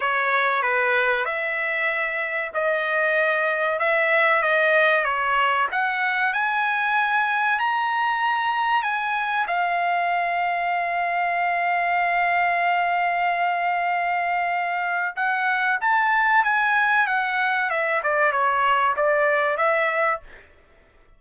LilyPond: \new Staff \with { instrumentName = "trumpet" } { \time 4/4 \tempo 4 = 95 cis''4 b'4 e''2 | dis''2 e''4 dis''4 | cis''4 fis''4 gis''2 | ais''2 gis''4 f''4~ |
f''1~ | f''1 | fis''4 a''4 gis''4 fis''4 | e''8 d''8 cis''4 d''4 e''4 | }